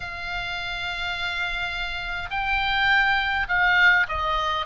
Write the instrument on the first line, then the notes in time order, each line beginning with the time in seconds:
oboe
0.00 F5
2.30 G5
3.48 F5
4.08 D#5